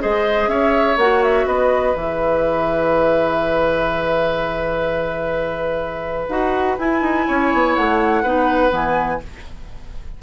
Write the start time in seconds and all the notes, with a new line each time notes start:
0.00 G#3 G#4 C5 D#5
0.48 C#4 C#5 E5
0.97 A#3 F#4 F#5
1.23 E5
1.46 B3 B4 D#5
1.94 E3 G#4 E5
6.28 D#4 F#4 F#5
6.79 E4 G#5
7.01 D#4
7.28 C#4 C#5
7.53 B3
7.75 A3 F#5
8.23 B3 D#4 B4
8.69 E3 B3 G#5